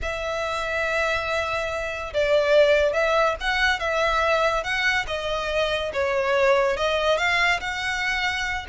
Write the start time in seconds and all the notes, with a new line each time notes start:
0.02 E5
2.13 D5
2.93 E5
3.40 F#5
3.79 E5
4.63 F#5
5.07 D#5
5.93 C#5
6.76 D#5
7.17 F5
7.60 F#5